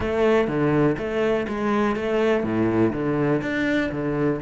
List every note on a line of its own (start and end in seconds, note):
0.00 0.47 A3
0.47 0.96 D3
0.98 1.47 A3
1.48 1.96 G#3
1.96 2.43 A3
2.43 2.92 A2
2.92 3.41 D3
3.41 3.90 D4
3.91 4.40 D3